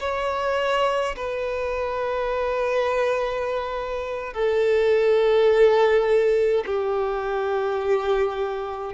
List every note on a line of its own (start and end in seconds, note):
0.00 1.15 C#5
1.16 4.34 B4
4.34 6.65 A4
6.67 8.94 G4